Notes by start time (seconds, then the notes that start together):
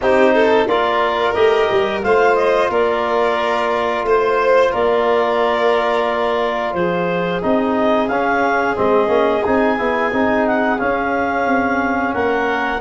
0.01 C4 D#4 G4 C5
0.34 A4
0.67 A#3 F4 A#4 D5
1.33 A3 G4 D#5
1.71 G3
2.02 A3 F4 C5 F5
2.35 D#5
2.69 A#3 A#4 D5
4.03 A3 C5
4.71 A#3 A#4 D5
6.73 F3 G#4 C5
7.42 C4 D#4 D#5
8.08 C#4 F5
8.75 G#3 C4 D#5
9.08 A#3 C#4
9.45 C4 D#4 G#5
9.78 B3 E4
10.12 C4 D#4
10.46 F#5
10.78 C#4 F5
11.46 C4
12.13 A#3 A#4 F#5